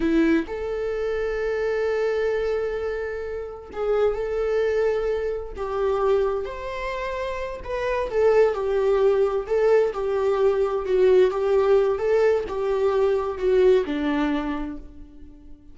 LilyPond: \new Staff \with { instrumentName = "viola" } { \time 4/4 \tempo 4 = 130 e'4 a'2.~ | a'1 | gis'4 a'2. | g'2 c''2~ |
c''8 b'4 a'4 g'4.~ | g'8 a'4 g'2 fis'8~ | fis'8 g'4. a'4 g'4~ | g'4 fis'4 d'2 | }